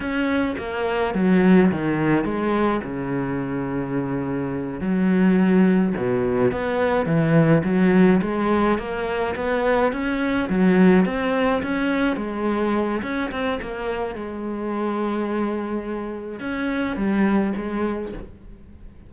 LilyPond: \new Staff \with { instrumentName = "cello" } { \time 4/4 \tempo 4 = 106 cis'4 ais4 fis4 dis4 | gis4 cis2.~ | cis8 fis2 b,4 b8~ | b8 e4 fis4 gis4 ais8~ |
ais8 b4 cis'4 fis4 c'8~ | c'8 cis'4 gis4. cis'8 c'8 | ais4 gis2.~ | gis4 cis'4 g4 gis4 | }